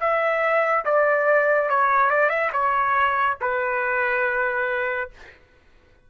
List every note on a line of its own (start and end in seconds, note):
0.00 0.85 E5
0.85 1.69 D5
1.69 2.10 C#5
2.10 2.29 D5
2.29 2.50 E5
2.52 3.37 C#5
3.41 5.10 B4